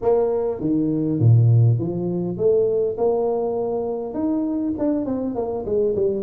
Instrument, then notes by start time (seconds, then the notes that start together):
tuba
0.01 A#3
0.60 D#3
1.19 A#2
1.78 F3
2.37 A3
2.97 A#3
4.14 D#4
4.78 D4
5.05 C4
5.35 A#3
5.65 G#3
5.95 G3